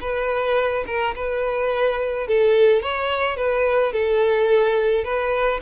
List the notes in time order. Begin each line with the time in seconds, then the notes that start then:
0.00 B4
0.86 A#4
1.15 B4
2.27 A4
2.82 C#5
3.36 B4
3.92 A4
5.04 B4